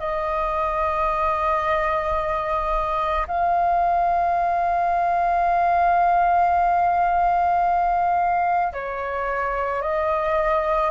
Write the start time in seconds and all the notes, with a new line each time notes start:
0.00 D#5
3.28 F5
8.73 C#5
9.82 D#5